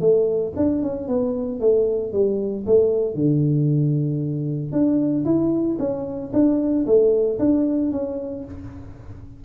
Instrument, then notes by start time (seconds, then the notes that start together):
tuba
0.00 A3
0.56 D4
0.82 C#4
1.08 B3
1.60 A3
2.13 G3
2.66 A3
3.15 D3
4.72 D4
5.25 E4
5.79 C#4
6.33 D4
6.86 A3
7.39 D4
7.92 C#4